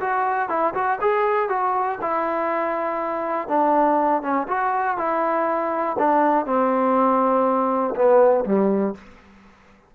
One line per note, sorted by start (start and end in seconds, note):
0.00 0.49 F#4
0.49 0.74 E4
0.74 0.99 F#4
1.01 1.49 G#4
1.49 1.99 F#4
2.01 3.48 E4
3.48 4.22 D4
4.22 4.47 C#4
4.48 4.97 F#4
4.97 5.96 E4
5.98 6.46 D4
6.46 7.94 C4
7.95 8.45 B3
8.45 8.94 G3